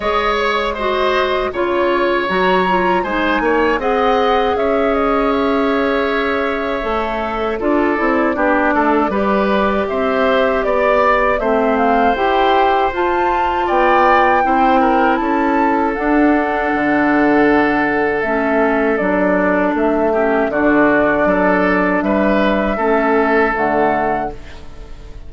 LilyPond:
<<
  \new Staff \with { instrumentName = "flute" } { \time 4/4 \tempo 4 = 79 dis''8 cis''8 dis''4 cis''4 ais''4 | gis''4 fis''4 e''8 dis''8 e''4~ | e''2 d''2~ | d''4 e''4 d''4 e''8 f''8 |
g''4 a''4 g''2 | a''4 fis''2. | e''4 d''4 e''4 d''4~ | d''4 e''2 fis''4 | }
  \new Staff \with { instrumentName = "oboe" } { \time 4/4 cis''4 c''4 cis''2 | c''8 cis''8 dis''4 cis''2~ | cis''2 a'4 g'8 a'8 | b'4 c''4 d''4 c''4~ |
c''2 d''4 c''8 ais'8 | a'1~ | a'2~ a'8 g'8 fis'4 | a'4 b'4 a'2 | }
  \new Staff \with { instrumentName = "clarinet" } { \time 4/4 gis'4 fis'4 f'4 fis'8 f'8 | dis'4 gis'2.~ | gis'4 a'4 f'8 e'8 d'4 | g'2. c'4 |
g'4 f'2 e'4~ | e'4 d'2. | cis'4 d'4. cis'8 d'4~ | d'2 cis'4 a4 | }
  \new Staff \with { instrumentName = "bassoon" } { \time 4/4 gis2 cis4 fis4 | gis8 ais8 c'4 cis'2~ | cis'4 a4 d'8 c'8 b8 a8 | g4 c'4 b4 a4 |
e'4 f'4 b4 c'4 | cis'4 d'4 d2 | a4 fis4 a4 d4 | fis4 g4 a4 d4 | }
>>